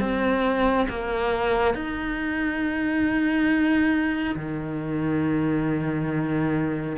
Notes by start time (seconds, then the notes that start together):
0.00 C4
0.89 A#3
1.74 D#4
4.35 D#3